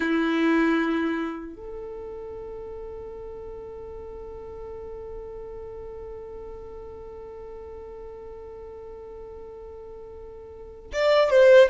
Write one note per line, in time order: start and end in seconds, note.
0.00 1.55 E4
1.55 10.90 A4
10.92 11.30 D5
11.30 11.68 C5